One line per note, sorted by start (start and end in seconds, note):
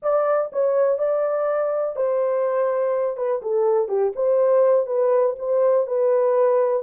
0.02 0.51 D5
0.52 0.98 C#5
0.98 1.95 D5
1.96 3.16 C5
3.16 3.41 B4
3.41 3.88 A4
3.88 4.12 G4
4.15 4.86 C5
4.86 5.35 B4
5.38 5.86 C5
5.86 6.82 B4